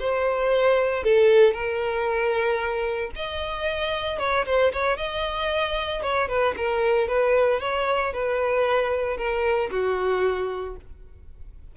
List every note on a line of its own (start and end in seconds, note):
0.00 1.04 C5
1.04 1.54 A4
1.54 3.11 A#4
3.16 4.19 D#5
4.19 4.45 C#5
4.46 4.72 C5
4.73 4.97 C#5
4.97 6.02 D#5
6.03 6.29 C#5
6.29 6.55 B4
6.57 7.08 A#4
7.08 7.61 B4
7.61 8.13 C#5
8.13 9.17 B4
9.17 9.70 A#4
9.71 10.76 F#4